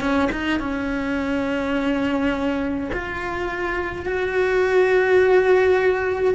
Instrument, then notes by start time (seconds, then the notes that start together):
cello
0.00 C#4
0.32 D#4
0.59 C#4
2.93 F4
4.06 F#4